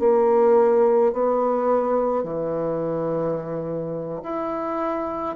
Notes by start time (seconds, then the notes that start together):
0.00 A#3
1.13 B3
2.24 E3
4.23 E4